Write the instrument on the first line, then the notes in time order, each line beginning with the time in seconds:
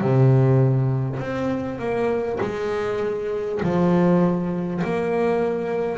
double bass
0.00 C3
1.19 C4
1.78 A#3
2.41 G#3
3.62 F3
4.83 A#3